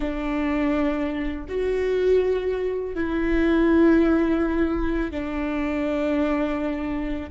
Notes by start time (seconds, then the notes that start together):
0.00 D4
1.48 F#4
2.94 E4
5.11 D4